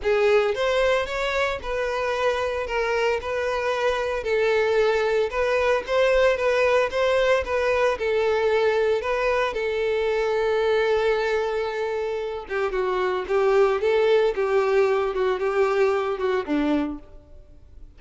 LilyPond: \new Staff \with { instrumentName = "violin" } { \time 4/4 \tempo 4 = 113 gis'4 c''4 cis''4 b'4~ | b'4 ais'4 b'2 | a'2 b'4 c''4 | b'4 c''4 b'4 a'4~ |
a'4 b'4 a'2~ | a'2.~ a'8 g'8 | fis'4 g'4 a'4 g'4~ | g'8 fis'8 g'4. fis'8 d'4 | }